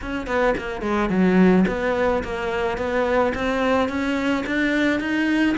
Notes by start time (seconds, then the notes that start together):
0.01 C#4
0.26 B3
0.57 A#3
0.81 G#3
1.09 F#3
1.67 B3
2.23 A#3
2.77 B3
3.34 C4
3.88 C#4
4.46 D4
5.00 D#4